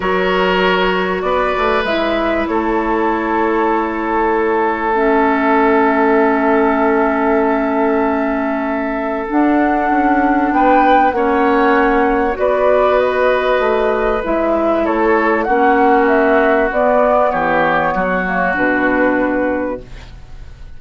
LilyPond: <<
  \new Staff \with { instrumentName = "flute" } { \time 4/4 \tempo 4 = 97 cis''2 d''4 e''4 | cis''1 | e''1~ | e''2. fis''4~ |
fis''4 g''4 fis''2 | d''4 dis''2 e''4 | cis''4 fis''4 e''4 d''4 | cis''2 b'2 | }
  \new Staff \with { instrumentName = "oboe" } { \time 4/4 ais'2 b'2 | a'1~ | a'1~ | a'1~ |
a'4 b'4 cis''2 | b'1 | a'4 fis'2. | g'4 fis'2. | }
  \new Staff \with { instrumentName = "clarinet" } { \time 4/4 fis'2. e'4~ | e'1 | cis'1~ | cis'2. d'4~ |
d'2 cis'2 | fis'2. e'4~ | e'4 cis'2 b4~ | b4. ais8 d'2 | }
  \new Staff \with { instrumentName = "bassoon" } { \time 4/4 fis2 b8 a8 gis4 | a1~ | a1~ | a2. d'4 |
cis'4 b4 ais2 | b2 a4 gis4 | a4 ais2 b4 | e4 fis4 b,2 | }
>>